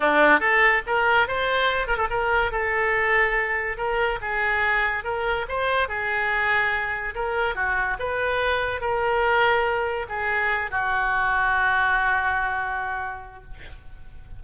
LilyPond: \new Staff \with { instrumentName = "oboe" } { \time 4/4 \tempo 4 = 143 d'4 a'4 ais'4 c''4~ | c''8 ais'16 a'16 ais'4 a'2~ | a'4 ais'4 gis'2 | ais'4 c''4 gis'2~ |
gis'4 ais'4 fis'4 b'4~ | b'4 ais'2. | gis'4. fis'2~ fis'8~ | fis'1 | }